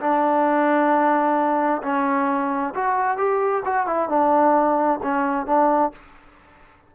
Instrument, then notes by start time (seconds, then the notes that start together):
trombone
0.00 D4
1.83 C#4
2.74 F#4
3.18 G4
3.65 F#4
3.86 E4
4.09 D4
5.03 C#4
5.46 D4